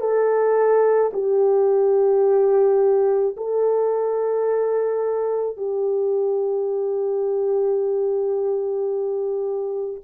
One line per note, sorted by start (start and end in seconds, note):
0.00 1.11 A4
1.14 3.36 G4
3.37 5.57 A4
5.57 10.02 G4